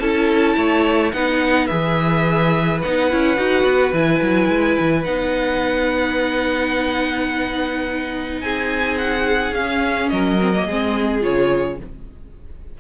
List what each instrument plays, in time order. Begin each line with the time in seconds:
0.00 cello C#4, viola E4, violin A4 A5
0.57 cello A3, violin C#5
1.13 cello B3, viola D#4, violin B4 F#5
1.67 cello E3, viola G#4, violin E5
2.82 cello B3, viola D#4, violin F#5
3.11 cello C#4, viola E4
3.37 cello D#4, viola F#4
3.64 cello B3
3.93 cello E3, viola E4, violin G#5
4.23 cello F#3
4.49 cello G#3
4.80 cello E3
5.04 cello B3, viola D#4, violin F#5
8.41 cello C4, violin G#4 G#5
8.98 violin F#5
9.52 cello C#4, viola C#4, violin F5
10.10 cello F#3, violin A#4 D#5
10.40 viola C4
10.55 viola A#3
10.66 cello G#3, viola C4, violin G#4
11.21 cello C#3, viola F4, violin C#5